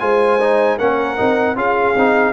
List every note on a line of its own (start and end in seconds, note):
0.00 0.79 G#3
0.00 0.39 F4
0.00 0.78 C5
0.00 0.78 G#5
0.41 0.80 D#4
0.78 1.20 A#3
0.78 1.17 C#4
0.78 1.56 A#4
0.78 1.57 F#5
1.17 1.56 C4
1.17 1.56 D#4
1.56 1.95 C#4
1.56 1.95 F4
1.56 2.33 G#4
1.56 2.33 F5
1.96 2.33 C4
1.96 2.33 D#4